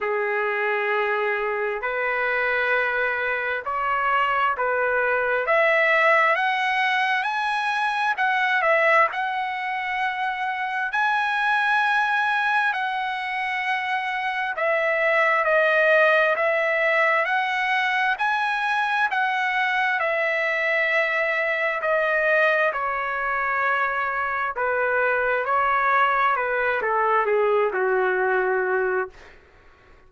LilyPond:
\new Staff \with { instrumentName = "trumpet" } { \time 4/4 \tempo 4 = 66 gis'2 b'2 | cis''4 b'4 e''4 fis''4 | gis''4 fis''8 e''8 fis''2 | gis''2 fis''2 |
e''4 dis''4 e''4 fis''4 | gis''4 fis''4 e''2 | dis''4 cis''2 b'4 | cis''4 b'8 a'8 gis'8 fis'4. | }